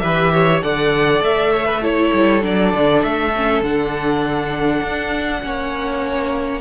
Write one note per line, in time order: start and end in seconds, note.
0.00 0.63 E3
0.00 0.63 G4
0.00 0.33 B4
0.00 0.60 E5
0.33 0.63 C#5
0.62 1.21 D3
0.62 1.82 A4
0.62 1.53 D5
0.62 1.23 F#5
1.21 2.11 A3
1.21 1.84 E5
1.53 1.66 C#5
1.66 1.81 B4
1.82 2.42 E4
1.82 5.42 A4
1.82 2.44 C#5
2.13 2.43 G3
2.42 2.73 F#3
2.42 3.32 D4
2.42 3.03 D5
2.73 3.03 D3
3.03 3.62 A3
3.03 3.63 E5
3.36 3.64 C#4
3.62 4.82 D3
3.62 5.42 D4
3.62 6.61 F#5
4.82 5.42 D4
5.42 6.61 A#3
5.42 6.61 C#4
5.42 6.61 C#5